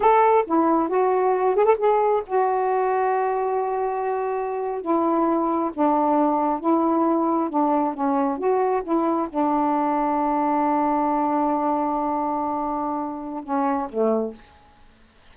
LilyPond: \new Staff \with { instrumentName = "saxophone" } { \time 4/4 \tempo 4 = 134 a'4 e'4 fis'4. gis'16 a'16 | gis'4 fis'2.~ | fis'2~ fis'8. e'4~ e'16~ | e'8. d'2 e'4~ e'16~ |
e'8. d'4 cis'4 fis'4 e'16~ | e'8. d'2.~ d'16~ | d'1~ | d'2 cis'4 a4 | }